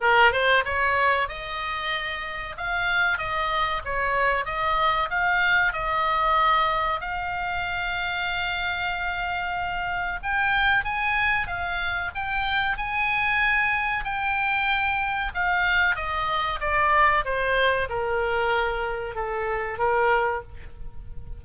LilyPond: \new Staff \with { instrumentName = "oboe" } { \time 4/4 \tempo 4 = 94 ais'8 c''8 cis''4 dis''2 | f''4 dis''4 cis''4 dis''4 | f''4 dis''2 f''4~ | f''1 |
g''4 gis''4 f''4 g''4 | gis''2 g''2 | f''4 dis''4 d''4 c''4 | ais'2 a'4 ais'4 | }